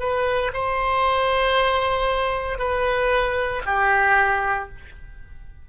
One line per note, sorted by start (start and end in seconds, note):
0.00 0.52 B4
0.54 2.59 C5
2.59 3.62 B4
3.66 4.69 G4